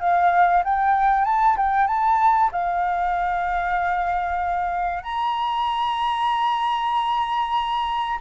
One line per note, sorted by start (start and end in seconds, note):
0.00 0.63 F5
0.64 1.25 G5
1.25 1.56 A5
1.57 1.87 G5
1.87 2.51 A5
2.52 5.03 F5
5.03 8.19 A#5